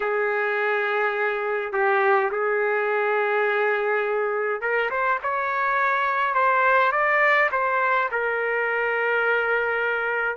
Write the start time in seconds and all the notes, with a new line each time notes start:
0.00 G#4
1.72 G4
2.31 G#4
4.61 A#4
4.90 C5
5.22 C#5
6.34 C5
6.92 D5
7.51 C5
8.11 A#4